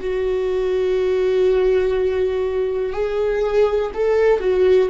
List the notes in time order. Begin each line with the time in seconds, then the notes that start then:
0.00 F#4
2.93 G#4
3.94 A4
4.39 F#4